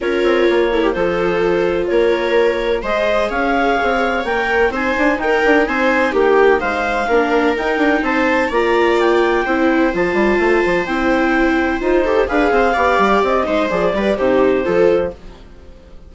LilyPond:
<<
  \new Staff \with { instrumentName = "clarinet" } { \time 4/4 \tempo 4 = 127 cis''2 c''2 | cis''2 dis''4 f''4~ | f''4 g''4 gis''4 g''4 | gis''4 g''4 f''2 |
g''4 a''4 ais''4 g''4~ | g''4 a''2 g''4~ | g''4 c''4 f''2 | dis''4 d''4 c''2 | }
  \new Staff \with { instrumentName = "viola" } { \time 4/4 ais'4. a'16 g'16 a'2 | ais'2 c''4 cis''4~ | cis''2 c''4 ais'4 | c''4 g'4 c''4 ais'4~ |
ais'4 c''4 d''2 | c''1~ | c''4. a'8 b'8 c''8 d''4~ | d''8 c''4 b'8 g'4 a'4 | }
  \new Staff \with { instrumentName = "viola" } { \time 4/4 f'4. e'8 f'2~ | f'2 gis'2~ | gis'4 ais'4 dis'2~ | dis'2. d'4 |
dis'2 f'2 | e'4 f'2 e'4~ | e'4 f'8 g'8 gis'4 g'4~ | g'8 dis'8 gis'8 g'8 dis'4 f'4 | }
  \new Staff \with { instrumentName = "bassoon" } { \time 4/4 cis'8 c'8 ais4 f2 | ais2 gis4 cis'4 | c'4 ais4 c'8 d'8 dis'8 d'8 | c'4 ais4 gis4 ais4 |
dis'8 d'8 c'4 ais2 | c'4 f8 g8 a8 f8 c'4~ | c'4 dis'4 d'8 c'8 b8 g8 | c'8 gis8 f8 g8 c4 f4 | }
>>